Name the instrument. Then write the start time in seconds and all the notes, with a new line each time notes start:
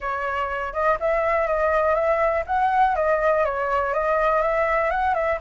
flute
0.00 C#5
0.73 D#5
0.99 E5
1.47 D#5
1.94 E5
2.46 F#5
2.95 D#5
3.44 C#5
3.93 D#5
4.42 E5
4.90 F#5
5.14 E5